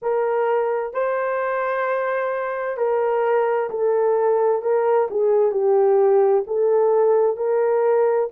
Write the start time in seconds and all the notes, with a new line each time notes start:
0.02 A#4
0.93 C5
2.77 A#4
3.69 A4
4.62 A#4
5.10 G#4
5.51 G4
6.47 A4
7.36 A#4